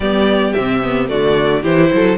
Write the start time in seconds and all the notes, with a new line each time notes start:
0.00 G3 B3 G4 D5
0.52 C3 C4 E5
0.83 B3
1.08 D3 A3 F#4 D5
1.62 E3 E4 G4 C5
1.93 F#3 A4